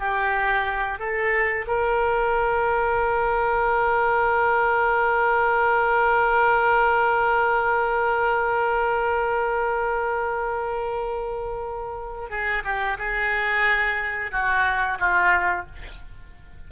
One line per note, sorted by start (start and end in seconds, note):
0.00 1.00 G4
1.00 1.66 A4
1.68 12.30 A#4
12.30 12.64 G#4
12.65 12.98 G4
12.99 14.32 G#4
14.32 14.99 F#4
15.00 15.66 F4